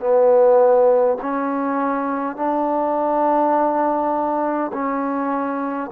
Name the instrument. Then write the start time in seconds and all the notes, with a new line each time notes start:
trombone
0.00 B3
1.22 C#4
2.36 D4
4.73 C#4